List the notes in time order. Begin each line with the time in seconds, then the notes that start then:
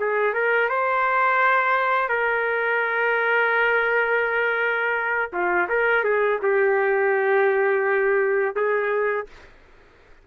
0.00 G#4
0.33 A#4
0.69 C5
2.09 A#4
5.32 F4
5.69 A#4
6.04 G#4
6.42 G4
8.55 G#4